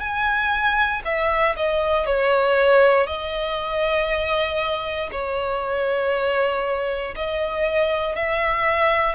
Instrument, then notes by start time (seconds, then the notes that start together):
violin
0.00 G#5
1.04 E5
1.56 D#5
2.06 C#5
3.06 D#5
5.11 C#5
7.15 D#5
8.15 E5